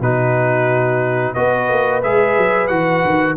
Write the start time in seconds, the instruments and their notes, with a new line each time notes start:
0.00 tuba B2, trombone D#4, horn F#4, trumpet B4
1.34 tuba B3, trombone F#4, horn B4, trumpet D#5
1.69 tuba A#3
2.02 tuba G#3, trombone G#4, trumpet E5
2.37 tuba F#3
2.67 tuba E3, trombone F#4, trumpet F#5
3.04 tuba D#3